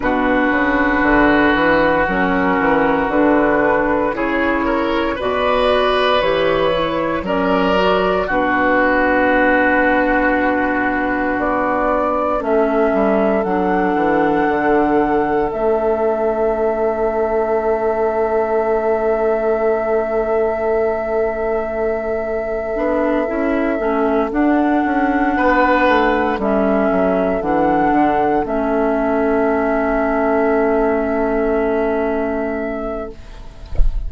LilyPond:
<<
  \new Staff \with { instrumentName = "flute" } { \time 4/4 \tempo 4 = 58 b'2 ais'4 b'4 | cis''4 d''4 cis''4 d''4 | b'2. d''4 | e''4 fis''2 e''4~ |
e''1~ | e''2.~ e''8 fis''8~ | fis''4. e''4 fis''4 e''8~ | e''1 | }
  \new Staff \with { instrumentName = "oboe" } { \time 4/4 fis'1 | gis'8 ais'8 b'2 ais'4 | fis'1 | a'1~ |
a'1~ | a'1~ | a'8 b'4 a'2~ a'8~ | a'1 | }
  \new Staff \with { instrumentName = "clarinet" } { \time 4/4 d'2 cis'4 d'4 | e'4 fis'4 g'8 e'8 cis'8 fis'8 | d'1 | cis'4 d'2 cis'4~ |
cis'1~ | cis'2 d'8 e'8 cis'8 d'8~ | d'4. cis'4 d'4 cis'8~ | cis'1 | }
  \new Staff \with { instrumentName = "bassoon" } { \time 4/4 b,8 cis8 d8 e8 fis8 e8 d4 | cis4 b,4 e4 fis4 | b,2. b4 | a8 g8 fis8 e8 d4 a4~ |
a1~ | a2 b8 cis'8 a8 d'8 | cis'8 b8 a8 g8 fis8 e8 d8 a8~ | a1 | }
>>